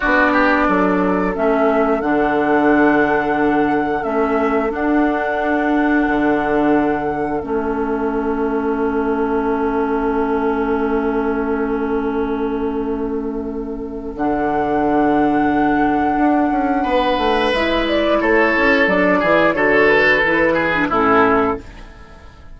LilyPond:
<<
  \new Staff \with { instrumentName = "flute" } { \time 4/4 \tempo 4 = 89 d''2 e''4 fis''4~ | fis''2 e''4 fis''4~ | fis''2. e''4~ | e''1~ |
e''1~ | e''4 fis''2.~ | fis''2 e''8 d''8 cis''4 | d''4 cis''8 b'4. a'4 | }
  \new Staff \with { instrumentName = "oboe" } { \time 4/4 fis'8 g'8 a'2.~ | a'1~ | a'1~ | a'1~ |
a'1~ | a'1~ | a'4 b'2 a'4~ | a'8 gis'8 a'4. gis'8 e'4 | }
  \new Staff \with { instrumentName = "clarinet" } { \time 4/4 d'2 cis'4 d'4~ | d'2 cis'4 d'4~ | d'2. cis'4~ | cis'1~ |
cis'1~ | cis'4 d'2.~ | d'2 e'2 | d'8 e'8 fis'4 e'8. d'16 cis'4 | }
  \new Staff \with { instrumentName = "bassoon" } { \time 4/4 b4 fis4 a4 d4~ | d2 a4 d'4~ | d'4 d2 a4~ | a1~ |
a1~ | a4 d2. | d'8 cis'8 b8 a8 gis4 a8 cis'8 | fis8 e8 d4 e4 a,4 | }
>>